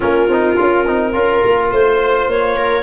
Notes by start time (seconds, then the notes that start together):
0.00 A#3 C#4 F4 A#4
0.27 C4 D#4
0.56 C#4 F4
0.87 C4 D#4
1.13 C#4 F4 A#4
1.44 A#3
1.71 A3 C5
2.27 A#3 C#5
2.56 A#4